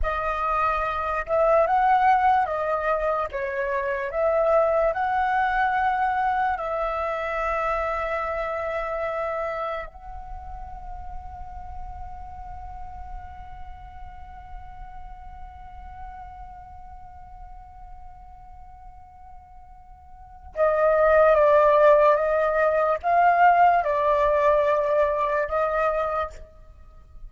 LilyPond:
\new Staff \with { instrumentName = "flute" } { \time 4/4 \tempo 4 = 73 dis''4. e''8 fis''4 dis''4 | cis''4 e''4 fis''2 | e''1 | fis''1~ |
fis''1~ | fis''1~ | fis''4 dis''4 d''4 dis''4 | f''4 d''2 dis''4 | }